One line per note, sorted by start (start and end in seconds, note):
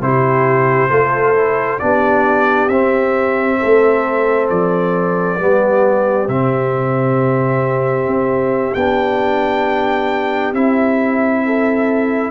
0.00 0.90 C3
0.00 0.89 E4
0.00 0.91 G4
0.00 1.79 C5
0.89 1.79 A3
0.89 1.34 F4
0.89 1.80 A4
1.34 1.79 E4
1.79 2.69 B3
1.79 2.69 D4
1.79 3.59 G4
1.79 2.68 D5
2.68 3.58 C4
2.68 5.39 C4
2.68 4.47 E5
3.59 4.50 A3
3.59 5.38 A4
4.49 5.39 F3
4.49 6.28 D5
5.39 6.28 G3
5.39 6.28 B3
5.39 11.45 G4
6.28 8.07 C3
6.28 8.75 C4
6.28 8.74 E5
8.07 8.74 C4
8.74 10.53 B3
8.74 10.54 D4
8.74 10.53 G5
10.53 12.30 C4
10.53 12.30 E4
10.53 12.30 E5
11.45 12.30 A4